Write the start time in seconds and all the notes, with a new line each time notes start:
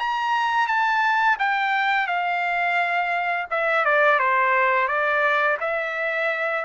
0.00 A#5
0.68 A5
1.40 G5
2.07 F5
3.51 E5
3.86 D5
4.20 C5
4.88 D5
5.61 E5